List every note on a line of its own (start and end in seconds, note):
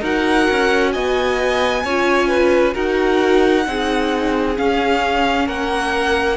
0.00 0.47 D#4
0.00 1.84 F#4
0.00 0.91 A#4
0.00 0.92 F#5
0.51 0.95 C#4
0.92 1.84 B3
0.92 1.84 D#5
0.92 2.74 G#5
1.84 2.75 C#4
1.84 2.73 F4
1.84 2.28 C#5
2.28 2.73 B4
2.73 3.66 D#4
2.73 3.64 F#4
2.73 3.64 A#4
2.73 4.58 F#5
3.65 4.57 C4
3.65 4.56 D#4
3.65 5.46 G#4
4.56 6.37 C#4
4.56 5.48 C#4
4.56 5.48 F5
5.46 6.37 A#3
5.46 6.37 A#4
5.46 6.37 F#5